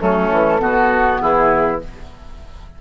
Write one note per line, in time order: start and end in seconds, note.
0.00 0.30 F#3
0.00 0.59 A3
0.00 0.61 C#4
0.00 1.20 A4
0.30 0.59 E3
0.59 1.20 B2
0.59 1.79 B3
0.59 1.21 F#4
1.20 1.81 E3
1.20 1.81 E4
1.20 1.80 G#4